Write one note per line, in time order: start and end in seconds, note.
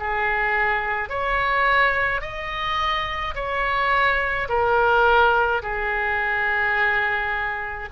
0.00 1.10 G#4
1.10 2.21 C#5
2.21 3.34 D#5
3.35 4.48 C#5
4.49 5.62 A#4
5.62 7.89 G#4